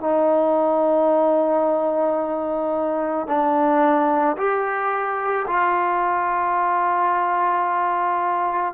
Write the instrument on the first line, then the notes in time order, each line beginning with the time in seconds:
trombone
0.00 D#4
3.27 D4
4.37 G4
5.47 F4